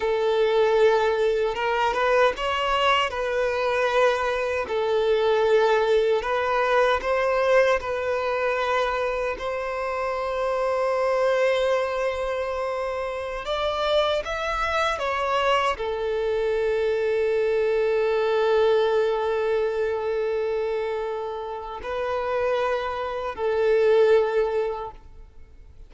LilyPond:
\new Staff \with { instrumentName = "violin" } { \time 4/4 \tempo 4 = 77 a'2 ais'8 b'8 cis''4 | b'2 a'2 | b'4 c''4 b'2 | c''1~ |
c''4~ c''16 d''4 e''4 cis''8.~ | cis''16 a'2.~ a'8.~ | a'1 | b'2 a'2 | }